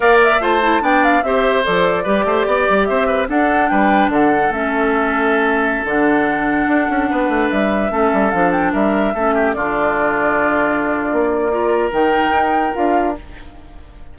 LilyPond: <<
  \new Staff \with { instrumentName = "flute" } { \time 4/4 \tempo 4 = 146 f''8 e''8 a''4 g''8 f''8 e''4 | d''2. e''4 | fis''4 g''4 fis''4 e''4~ | e''2~ e''16 fis''4.~ fis''16~ |
fis''2~ fis''16 e''4.~ e''16~ | e''16 f''8 g''8 e''2 d''8.~ | d''1~ | d''4 g''2 f''4 | }
  \new Staff \with { instrumentName = "oboe" } { \time 4/4 d''4 c''4 d''4 c''4~ | c''4 b'8 c''8 d''4 c''8 b'8 | a'4 b'4 a'2~ | a'1~ |
a'4~ a'16 b'2 a'8.~ | a'4~ a'16 ais'4 a'8 g'8 f'8.~ | f'1 | ais'1 | }
  \new Staff \with { instrumentName = "clarinet" } { \time 4/4 ais'4 f'8 e'8 d'4 g'4 | a'4 g'2. | d'2. cis'4~ | cis'2~ cis'16 d'4.~ d'16~ |
d'2.~ d'16 cis'8.~ | cis'16 d'2 cis'4 d'8.~ | d'1 | f'4 dis'2 f'4 | }
  \new Staff \with { instrumentName = "bassoon" } { \time 4/4 ais4 a4 b4 c'4 | f4 g8 a8 b8 g8 c'4 | d'4 g4 d4 a4~ | a2~ a16 d4.~ d16~ |
d16 d'8 cis'8 b8 a8 g4 a8 g16~ | g16 f4 g4 a4 d8.~ | d2. ais4~ | ais4 dis4 dis'4 d'4 | }
>>